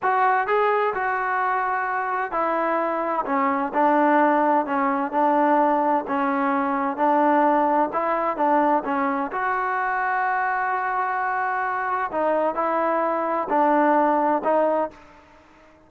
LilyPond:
\new Staff \with { instrumentName = "trombone" } { \time 4/4 \tempo 4 = 129 fis'4 gis'4 fis'2~ | fis'4 e'2 cis'4 | d'2 cis'4 d'4~ | d'4 cis'2 d'4~ |
d'4 e'4 d'4 cis'4 | fis'1~ | fis'2 dis'4 e'4~ | e'4 d'2 dis'4 | }